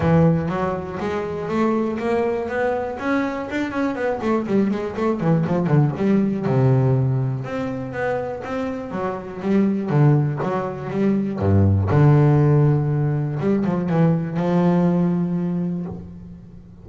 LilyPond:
\new Staff \with { instrumentName = "double bass" } { \time 4/4 \tempo 4 = 121 e4 fis4 gis4 a4 | ais4 b4 cis'4 d'8 cis'8 | b8 a8 g8 gis8 a8 e8 f8 d8 | g4 c2 c'4 |
b4 c'4 fis4 g4 | d4 fis4 g4 g,4 | d2. g8 f8 | e4 f2. | }